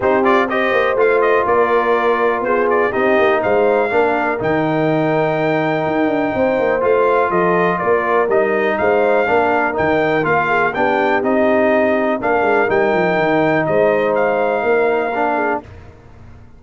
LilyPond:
<<
  \new Staff \with { instrumentName = "trumpet" } { \time 4/4 \tempo 4 = 123 c''8 d''8 dis''4 f''8 dis''8 d''4~ | d''4 c''8 d''8 dis''4 f''4~ | f''4 g''2.~ | g''2 f''4 dis''4 |
d''4 dis''4 f''2 | g''4 f''4 g''4 dis''4~ | dis''4 f''4 g''2 | dis''4 f''2. | }
  \new Staff \with { instrumentName = "horn" } { \time 4/4 g'4 c''2 ais'4~ | ais'4 gis'4 g'4 c''4 | ais'1~ | ais'4 c''2 a'4 |
ais'2 c''4 ais'4~ | ais'4. gis'8 g'2~ | g'4 ais'2. | c''2 ais'4. gis'8 | }
  \new Staff \with { instrumentName = "trombone" } { \time 4/4 dis'8 f'8 g'4 f'2~ | f'2 dis'2 | d'4 dis'2.~ | dis'2 f'2~ |
f'4 dis'2 d'4 | dis'4 f'4 d'4 dis'4~ | dis'4 d'4 dis'2~ | dis'2. d'4 | }
  \new Staff \with { instrumentName = "tuba" } { \time 4/4 c'4. ais8 a4 ais4~ | ais4 b4 c'8 ais8 gis4 | ais4 dis2. | dis'8 d'8 c'8 ais8 a4 f4 |
ais4 g4 gis4 ais4 | dis4 ais4 b4 c'4~ | c'4 ais8 gis8 g8 f8 dis4 | gis2 ais2 | }
>>